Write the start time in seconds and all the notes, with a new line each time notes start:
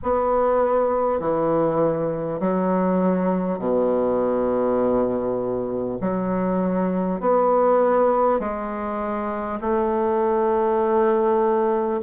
0.03 B3
1.19 E3
2.40 F#3
3.58 B2
6.00 F#3
7.20 B3
8.39 G#3
9.61 A3